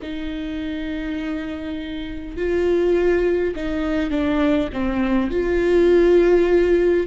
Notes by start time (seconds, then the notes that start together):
0.02 D#4
2.36 F4
3.55 D#4
4.10 D4
4.73 C4
5.30 F4